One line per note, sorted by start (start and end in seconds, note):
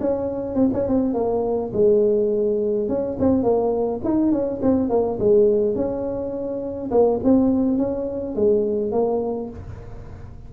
0.00 0.55 C#4
0.55 0.69 C4
0.73 0.87 C#4
0.87 1.14 C4
1.14 1.71 A#3
1.73 2.88 G#3
2.88 3.17 C#4
3.19 3.43 C4
3.43 4.00 A#3
4.04 4.31 D#4
4.31 4.60 C#4
4.62 4.89 C4
4.89 5.18 A#3
5.19 5.75 G#3
5.75 6.90 C#4
6.91 7.20 A#3
7.24 7.78 C4
7.78 8.35 C#4
8.35 8.92 G#3
8.92 9.49 A#3